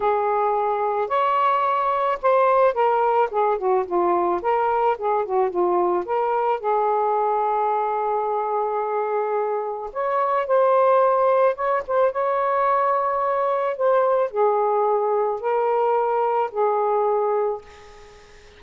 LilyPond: \new Staff \with { instrumentName = "saxophone" } { \time 4/4 \tempo 4 = 109 gis'2 cis''2 | c''4 ais'4 gis'8 fis'8 f'4 | ais'4 gis'8 fis'8 f'4 ais'4 | gis'1~ |
gis'2 cis''4 c''4~ | c''4 cis''8 c''8 cis''2~ | cis''4 c''4 gis'2 | ais'2 gis'2 | }